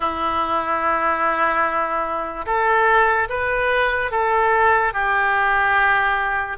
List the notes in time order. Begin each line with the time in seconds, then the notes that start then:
0.00 E4
2.46 A4
3.29 B4
4.11 A4
4.93 G4